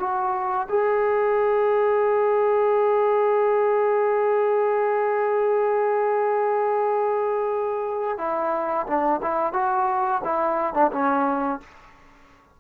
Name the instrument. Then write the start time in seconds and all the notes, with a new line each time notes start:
trombone
0.00 F#4
0.69 G#4
8.18 E4
8.87 D4
9.23 E4
9.54 F#4
10.25 E4
10.74 D4
10.92 C#4